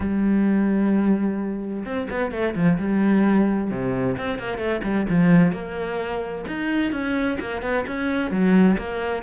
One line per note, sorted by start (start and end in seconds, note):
0.00 1.84 G3
1.85 2.08 C4
2.10 2.31 B3
2.31 2.54 A3
2.55 2.78 F3
2.78 3.70 G3
3.70 4.16 C3
4.17 4.38 C4
4.38 4.57 A#3
4.57 4.80 A3
4.83 5.06 G3
5.09 5.52 F3
5.52 6.44 A#3
6.47 6.92 D#4
6.92 7.38 C#4
7.40 7.62 A#3
7.62 7.85 B3
7.87 8.30 C#4
8.30 8.77 F#3
8.77 9.23 A#3